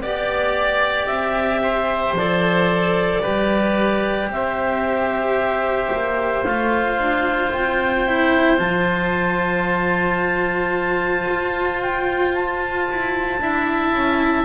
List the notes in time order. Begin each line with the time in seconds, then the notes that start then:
0.00 B3 G4 D5
1.06 C4 E5
1.62 C5
2.12 F3 D5
2.18 A4
3.22 G3 G4 B4
4.28 C4 C5 E5
5.92 A#3
6.44 A3 F4 F5
6.98 D4
7.52 C4 G5
8.07 E4
8.56 F3 F4 A5
11.28 F4
11.81 G5
12.35 A5
12.89 E4
13.39 D4 E4 E5
13.93 C#4